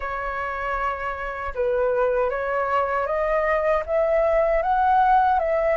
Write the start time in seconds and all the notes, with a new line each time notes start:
0.00 C#5
1.55 B4
2.30 C#5
3.06 D#5
3.85 E5
4.62 F#5
5.39 E5